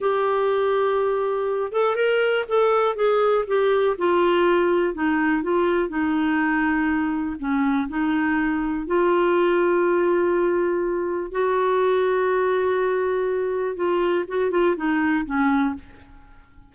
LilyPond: \new Staff \with { instrumentName = "clarinet" } { \time 4/4 \tempo 4 = 122 g'2.~ g'8 a'8 | ais'4 a'4 gis'4 g'4 | f'2 dis'4 f'4 | dis'2. cis'4 |
dis'2 f'2~ | f'2. fis'4~ | fis'1 | f'4 fis'8 f'8 dis'4 cis'4 | }